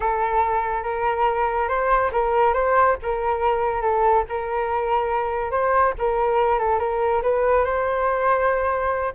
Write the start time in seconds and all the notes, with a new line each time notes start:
0.00 A4
0.83 A#4
1.68 C5
2.12 A#4
2.53 C5
3.02 A#4
3.81 A4
4.28 A#4
5.51 C5
5.98 A#4
6.59 A4
6.79 A#4
7.22 B4
7.65 C5